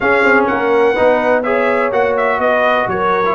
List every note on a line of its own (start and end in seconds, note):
0.00 0.23 C#4
0.00 0.95 C#4
0.00 0.48 G#4
0.00 0.45 F5
0.23 0.47 C4
0.47 0.98 A#3
0.47 0.92 A#4
0.47 1.42 F#5
0.92 1.43 D#4
0.92 1.40 B4
0.98 1.91 B3
1.42 1.92 G#4
1.42 2.39 C#5
1.42 1.90 E5
1.91 2.38 A#3
1.91 3.24 F#4
1.91 2.16 F#5
2.16 2.40 E5
2.38 2.86 B3
2.38 2.88 B4
2.38 2.88 D#5
2.87 3.35 F#3
2.87 3.35 A#4
2.87 3.35 C#5
3.25 3.35 E4